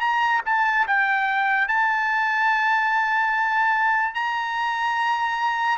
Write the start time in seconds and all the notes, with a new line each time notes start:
0.00 A#5
0.45 A5
0.87 G5
1.68 A5
4.14 A#5